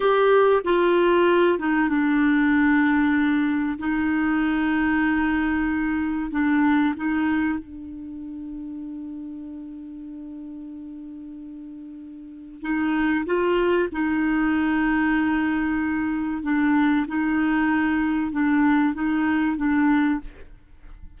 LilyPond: \new Staff \with { instrumentName = "clarinet" } { \time 4/4 \tempo 4 = 95 g'4 f'4. dis'8 d'4~ | d'2 dis'2~ | dis'2 d'4 dis'4 | d'1~ |
d'1 | dis'4 f'4 dis'2~ | dis'2 d'4 dis'4~ | dis'4 d'4 dis'4 d'4 | }